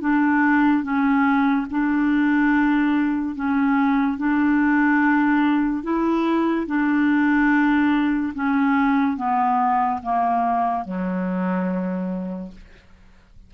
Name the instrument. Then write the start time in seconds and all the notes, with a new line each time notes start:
clarinet
0.00 D4
0.83 C#4
1.70 D4
3.35 C#4
4.17 D4
5.83 E4
6.66 D4
8.34 C#4
9.17 B3
10.03 A#3
10.84 F#3